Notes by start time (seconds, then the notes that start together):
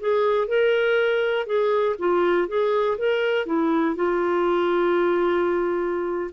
0.00 G#4
0.48 A#4
1.46 G#4
1.99 F4
2.48 G#4
2.98 A#4
3.46 E4
3.95 F4